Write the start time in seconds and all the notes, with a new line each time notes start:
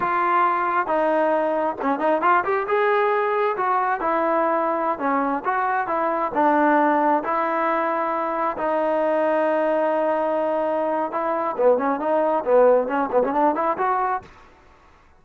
0.00 F4
0.87 D#4
1.81 C#4
1.99 D#4
2.21 F4
2.44 G4
2.67 G#4
3.57 F#4
4.00 E4
4.98 C#4
5.44 F#4
5.87 E4
6.34 D4
7.23 E4
8.57 D#4
11.11 E4
11.57 B3
11.77 C#4
11.99 D#4
12.44 B3
12.87 C#4
13.11 B3
13.23 C#4
13.33 D4
13.55 E4
13.77 F#4